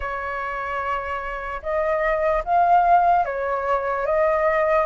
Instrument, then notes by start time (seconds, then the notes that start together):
flute
0.00 C#5
1.62 D#5
2.45 F5
3.25 C#5
4.06 D#5